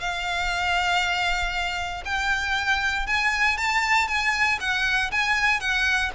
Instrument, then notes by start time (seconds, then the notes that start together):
violin
0.00 F5
2.05 G5
3.06 G#5
3.58 A5
4.08 G#5
4.60 F#5
5.11 G#5
5.60 F#5